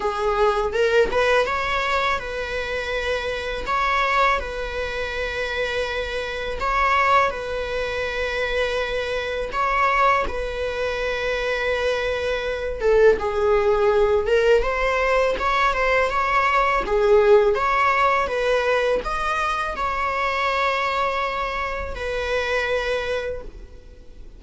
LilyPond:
\new Staff \with { instrumentName = "viola" } { \time 4/4 \tempo 4 = 82 gis'4 ais'8 b'8 cis''4 b'4~ | b'4 cis''4 b'2~ | b'4 cis''4 b'2~ | b'4 cis''4 b'2~ |
b'4. a'8 gis'4. ais'8 | c''4 cis''8 c''8 cis''4 gis'4 | cis''4 b'4 dis''4 cis''4~ | cis''2 b'2 | }